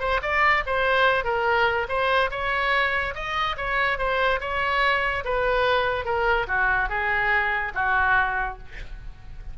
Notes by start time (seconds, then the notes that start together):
0.00 C5
0.23 D5
0.67 C5
1.25 A#4
1.89 C5
2.31 C#5
3.15 D#5
3.57 C#5
3.99 C5
4.41 C#5
5.25 B4
6.05 A#4
6.48 F#4
6.89 G#4
7.75 F#4